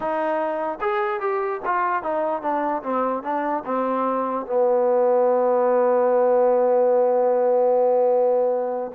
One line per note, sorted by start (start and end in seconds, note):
0.00 0.78 D#4
0.80 1.20 G#4
1.20 1.61 G4
1.65 2.02 F4
2.02 2.41 D#4
2.41 2.82 D4
2.82 3.22 C4
3.22 3.63 D4
3.65 4.45 C4
4.45 8.91 B3